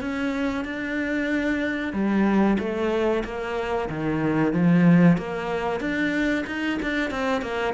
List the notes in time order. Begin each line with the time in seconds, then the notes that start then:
0.00 C#4
0.64 D4
1.92 G3
2.59 A3
3.24 A#3
3.89 D#3
4.52 F3
5.17 A#3
5.79 D4
6.46 D#4
6.82 D4
7.10 C4
7.41 A#3